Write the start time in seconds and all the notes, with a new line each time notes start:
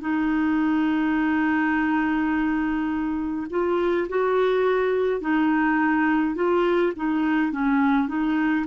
0.00 D#4
3.50 F4
4.09 F#4
5.21 D#4
6.35 F4
6.95 D#4
7.52 C#4
8.08 D#4